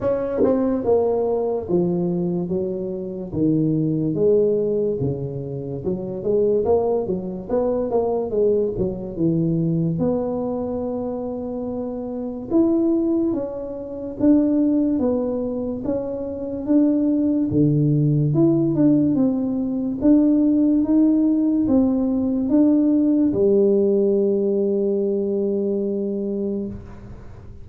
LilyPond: \new Staff \with { instrumentName = "tuba" } { \time 4/4 \tempo 4 = 72 cis'8 c'8 ais4 f4 fis4 | dis4 gis4 cis4 fis8 gis8 | ais8 fis8 b8 ais8 gis8 fis8 e4 | b2. e'4 |
cis'4 d'4 b4 cis'4 | d'4 d4 e'8 d'8 c'4 | d'4 dis'4 c'4 d'4 | g1 | }